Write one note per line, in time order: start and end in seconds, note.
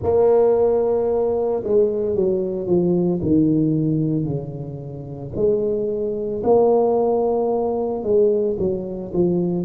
0.02 1.63 A#3
1.63 2.15 G#3
2.15 2.66 F#3
2.66 3.20 F3
3.21 4.24 D#3
4.24 5.31 C#3
5.35 6.42 G#3
6.43 8.03 A#3
8.03 8.56 G#3
8.59 9.12 F#3
9.13 9.65 F3